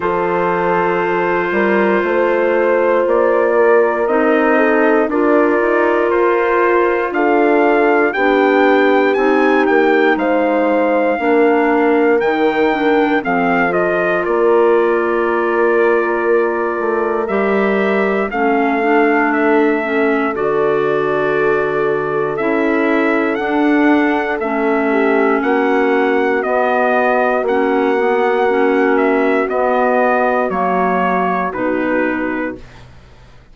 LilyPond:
<<
  \new Staff \with { instrumentName = "trumpet" } { \time 4/4 \tempo 4 = 59 c''2. d''4 | dis''4 d''4 c''4 f''4 | g''4 gis''8 g''8 f''2 | g''4 f''8 dis''8 d''2~ |
d''4 e''4 f''4 e''4 | d''2 e''4 fis''4 | e''4 fis''4 dis''4 fis''4~ | fis''8 e''8 dis''4 cis''4 b'4 | }
  \new Staff \with { instrumentName = "horn" } { \time 4/4 a'4. ais'8 c''4. ais'8~ | ais'8 a'8 ais'2 a'4 | g'2 c''4 ais'4~ | ais'4 a'4 ais'2~ |
ais'2 a'2~ | a'1~ | a'8 g'8 fis'2.~ | fis'1 | }
  \new Staff \with { instrumentName = "clarinet" } { \time 4/4 f'1 | dis'4 f'2. | d'4 dis'2 d'4 | dis'8 d'8 c'8 f'2~ f'8~ |
f'4 g'4 cis'8 d'4 cis'8 | fis'2 e'4 d'4 | cis'2 b4 cis'8 b8 | cis'4 b4 ais4 dis'4 | }
  \new Staff \with { instrumentName = "bassoon" } { \time 4/4 f4. g8 a4 ais4 | c'4 d'8 dis'8 f'4 d'4 | b4 c'8 ais8 gis4 ais4 | dis4 f4 ais2~ |
ais8 a8 g4 a2 | d2 cis'4 d'4 | a4 ais4 b4 ais4~ | ais4 b4 fis4 b,4 | }
>>